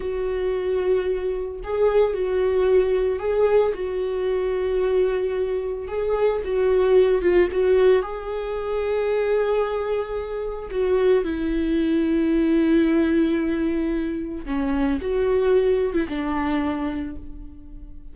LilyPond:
\new Staff \with { instrumentName = "viola" } { \time 4/4 \tempo 4 = 112 fis'2. gis'4 | fis'2 gis'4 fis'4~ | fis'2. gis'4 | fis'4. f'8 fis'4 gis'4~ |
gis'1 | fis'4 e'2.~ | e'2. cis'4 | fis'4.~ fis'16 e'16 d'2 | }